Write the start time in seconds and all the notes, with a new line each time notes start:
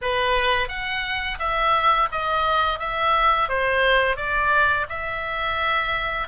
0.01 B4
0.68 F#5
1.39 E5
2.11 D#5
2.79 E5
3.49 C5
4.16 D5
4.89 E5